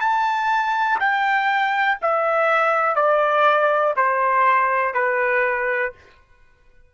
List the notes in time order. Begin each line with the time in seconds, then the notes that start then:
0.00 A5
0.99 G5
2.01 E5
2.95 D5
3.96 C5
4.94 B4